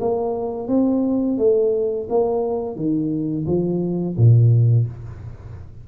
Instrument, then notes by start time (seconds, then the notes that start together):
tuba
0.00 A#3
0.68 C4
1.38 A3
2.09 A#3
2.76 D#3
3.46 F3
4.17 A#2